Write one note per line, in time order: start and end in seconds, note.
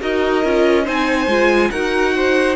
0.00 0.44 D#4
0.00 0.43 F#4
0.00 0.83 A#4
0.00 0.88 D#5
0.44 0.87 C#4
0.44 0.85 F4
0.83 1.27 C4
0.83 1.27 D#4
0.83 1.69 C5
0.83 1.70 G#5
1.27 1.70 G#3
1.27 1.72 F4
1.70 2.56 D#4
1.70 2.56 F#4
1.70 2.14 A#4
1.70 2.56 F#5
2.15 2.56 C5